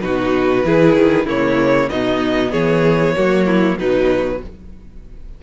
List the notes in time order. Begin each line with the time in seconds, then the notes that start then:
0.00 B2 D#4 F#4 B4
0.64 E3 E4 G#4
0.95 D#3
1.25 C#3 A#3 E4 C#5
1.89 B2 B3 D#4 D#5
2.51 E3 G#4 C#5
3.16 F#3 A#3 F#4
3.46 E4
3.77 B2 F#3 D#4 B4